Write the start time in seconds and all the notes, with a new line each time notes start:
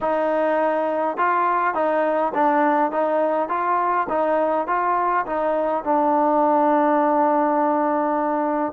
0.01 D#4
1.17 F4
1.74 D#4
2.34 D4
2.91 D#4
3.48 F4
4.09 D#4
4.67 F4
5.26 D#4
5.84 D4